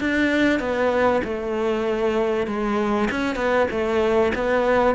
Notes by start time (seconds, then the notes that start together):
0.00 D4
0.60 B3
1.24 A3
2.47 G#3
3.11 C#4
3.36 B3
3.71 A3
4.35 B3